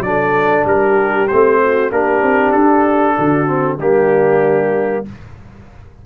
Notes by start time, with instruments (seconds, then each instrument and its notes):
0.00 tuba F#3, trombone D4, trumpet D5
0.06 horn A4
0.65 tuba G3, horn G4, trumpet A#4
1.28 tuba A3, trombone C4, trumpet C5
1.62 horn F#4
1.91 tuba A#3, trombone D4, horn G4, trumpet A#4
2.22 tuba C4
2.52 tuba D4, trumpet A4
3.16 tuba D3, horn F#4
3.47 trombone C4
3.78 tuba G3, trombone A#3, horn D4, trumpet G4